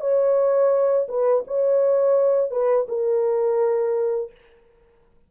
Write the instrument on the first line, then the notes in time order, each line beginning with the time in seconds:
horn
0.00 C#5
1.08 B4
1.47 C#5
2.51 B4
2.88 A#4